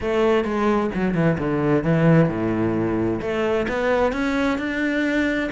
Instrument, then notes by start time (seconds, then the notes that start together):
cello
0.00 A3
0.44 G#3
0.94 F#3
1.14 E3
1.38 D3
1.83 E3
2.29 A2
3.21 A3
3.68 B3
4.12 C#4
4.58 D4